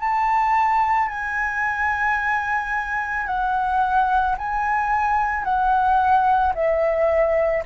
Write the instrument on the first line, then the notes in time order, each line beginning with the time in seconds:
flute
0.00 A5
1.09 G#5
3.27 F#5
4.38 G#5
5.44 F#5
6.55 E5